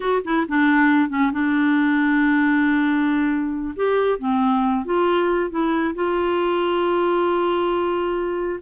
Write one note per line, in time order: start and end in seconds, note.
0.00 0.22 F#4
0.24 0.46 E4
0.48 1.09 D4
1.09 1.31 C#4
1.32 3.74 D4
3.75 4.19 G4
4.19 4.85 C4
4.85 5.50 F4
5.50 5.94 E4
5.95 8.59 F4